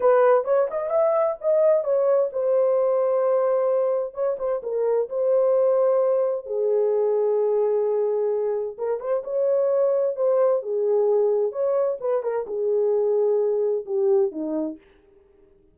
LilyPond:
\new Staff \with { instrumentName = "horn" } { \time 4/4 \tempo 4 = 130 b'4 cis''8 dis''8 e''4 dis''4 | cis''4 c''2.~ | c''4 cis''8 c''8 ais'4 c''4~ | c''2 gis'2~ |
gis'2. ais'8 c''8 | cis''2 c''4 gis'4~ | gis'4 cis''4 b'8 ais'8 gis'4~ | gis'2 g'4 dis'4 | }